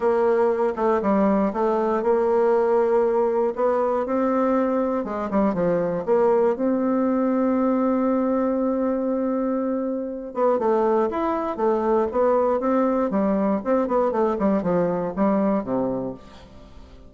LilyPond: \new Staff \with { instrumentName = "bassoon" } { \time 4/4 \tempo 4 = 119 ais4. a8 g4 a4 | ais2. b4 | c'2 gis8 g8 f4 | ais4 c'2.~ |
c'1~ | c'8 b8 a4 e'4 a4 | b4 c'4 g4 c'8 b8 | a8 g8 f4 g4 c4 | }